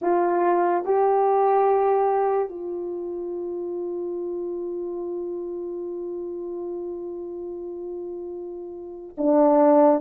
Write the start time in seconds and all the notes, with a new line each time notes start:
0.01 F4
0.84 G4
2.48 F4
9.17 D4